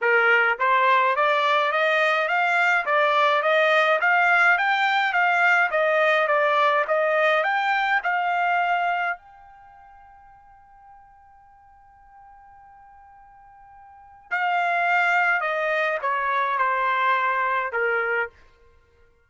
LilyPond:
\new Staff \with { instrumentName = "trumpet" } { \time 4/4 \tempo 4 = 105 ais'4 c''4 d''4 dis''4 | f''4 d''4 dis''4 f''4 | g''4 f''4 dis''4 d''4 | dis''4 g''4 f''2 |
g''1~ | g''1~ | g''4 f''2 dis''4 | cis''4 c''2 ais'4 | }